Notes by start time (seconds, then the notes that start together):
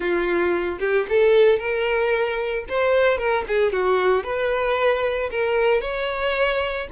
0.00 F4
0.79 G4
1.09 A4
1.59 A#4
2.68 C5
3.17 A#4
3.47 G#4
3.72 F#4
4.23 B4
5.30 A#4
5.81 C#5